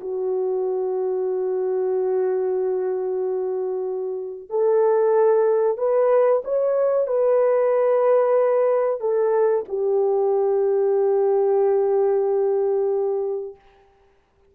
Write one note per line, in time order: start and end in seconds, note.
0.00 4.49 F#4
4.49 5.77 A4
5.77 6.42 B4
6.44 7.07 C#5
7.07 9.00 B4
9.00 9.64 A4
9.68 13.55 G4